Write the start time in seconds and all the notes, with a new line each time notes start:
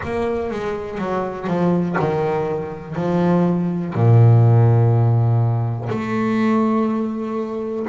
0.03 A#3
0.50 G#3
0.98 F#3
1.47 F3
1.99 D#3
2.95 F3
3.94 A#2
5.89 A3